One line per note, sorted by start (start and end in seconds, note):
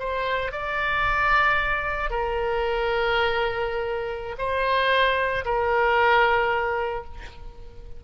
0.00 0.53 C5
0.53 2.11 D5
2.11 4.36 A#4
4.39 5.45 C5
5.46 7.05 A#4